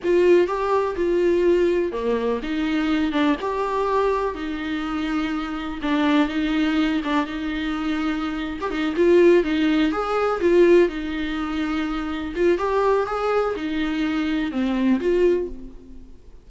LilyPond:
\new Staff \with { instrumentName = "viola" } { \time 4/4 \tempo 4 = 124 f'4 g'4 f'2 | ais4 dis'4. d'8 g'4~ | g'4 dis'2. | d'4 dis'4. d'8 dis'4~ |
dis'4.~ dis'16 g'16 dis'8 f'4 dis'8~ | dis'8 gis'4 f'4 dis'4.~ | dis'4. f'8 g'4 gis'4 | dis'2 c'4 f'4 | }